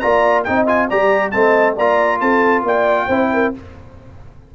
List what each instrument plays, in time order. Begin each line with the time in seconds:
0.00 tuba A#3, trombone F4, horn D5, trumpet A#5
0.44 tuba C4, trombone D#4, horn D#5, trumpet G5
0.67 trombone F4, trumpet G#5
0.90 tuba G3, trombone G4, horn D5, trumpet A#5
1.31 tuba A3, trombone C4, horn D#5, trumpet A5
1.76 tuba A#3, trombone F4, horn D5, trumpet A#5
2.21 tuba C4, horn A4, trumpet A5
2.64 tuba A#3, horn D5, trumpet G5
3.07 tuba C4, trombone E4, horn C5
3.34 horn A#4